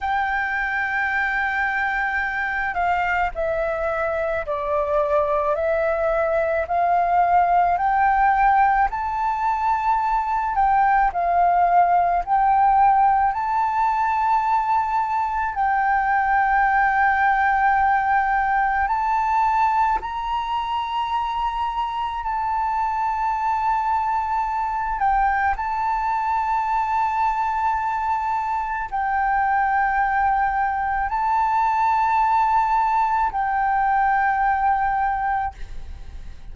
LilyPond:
\new Staff \with { instrumentName = "flute" } { \time 4/4 \tempo 4 = 54 g''2~ g''8 f''8 e''4 | d''4 e''4 f''4 g''4 | a''4. g''8 f''4 g''4 | a''2 g''2~ |
g''4 a''4 ais''2 | a''2~ a''8 g''8 a''4~ | a''2 g''2 | a''2 g''2 | }